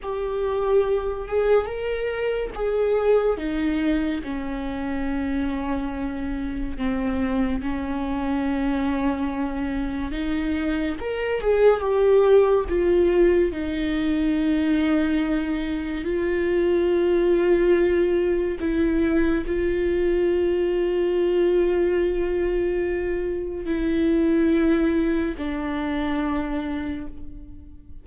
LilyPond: \new Staff \with { instrumentName = "viola" } { \time 4/4 \tempo 4 = 71 g'4. gis'8 ais'4 gis'4 | dis'4 cis'2. | c'4 cis'2. | dis'4 ais'8 gis'8 g'4 f'4 |
dis'2. f'4~ | f'2 e'4 f'4~ | f'1 | e'2 d'2 | }